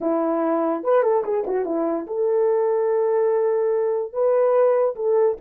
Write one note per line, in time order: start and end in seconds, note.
0.00 0.83 E4
0.83 1.03 B4
1.03 1.23 A4
1.24 1.44 G#4
1.46 1.65 F#4
1.65 2.06 E4
2.07 4.12 A4
4.12 4.95 B4
4.95 5.37 A4